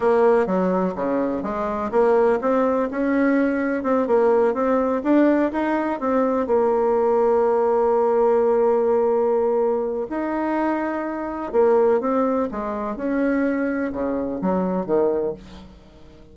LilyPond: \new Staff \with { instrumentName = "bassoon" } { \time 4/4 \tempo 4 = 125 ais4 fis4 cis4 gis4 | ais4 c'4 cis'2 | c'8 ais4 c'4 d'4 dis'8~ | dis'8 c'4 ais2~ ais8~ |
ais1~ | ais4 dis'2. | ais4 c'4 gis4 cis'4~ | cis'4 cis4 fis4 dis4 | }